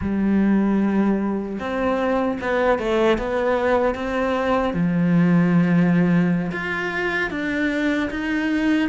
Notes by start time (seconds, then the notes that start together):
0.01 G3
1.59 C4
2.40 B3
2.78 A3
3.18 B3
3.95 C4
4.73 F3
6.51 F4
7.30 D4
8.10 D#4